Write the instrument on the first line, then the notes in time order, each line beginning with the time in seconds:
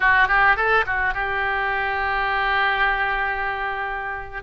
oboe
0.00 F#4
0.28 G4
0.56 A4
0.86 F#4
1.14 G4